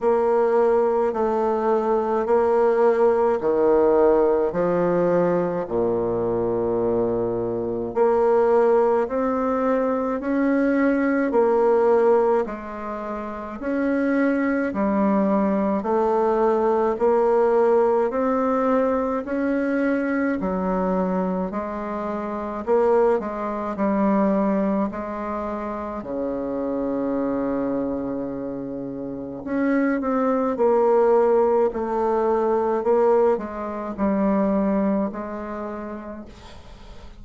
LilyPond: \new Staff \with { instrumentName = "bassoon" } { \time 4/4 \tempo 4 = 53 ais4 a4 ais4 dis4 | f4 ais,2 ais4 | c'4 cis'4 ais4 gis4 | cis'4 g4 a4 ais4 |
c'4 cis'4 fis4 gis4 | ais8 gis8 g4 gis4 cis4~ | cis2 cis'8 c'8 ais4 | a4 ais8 gis8 g4 gis4 | }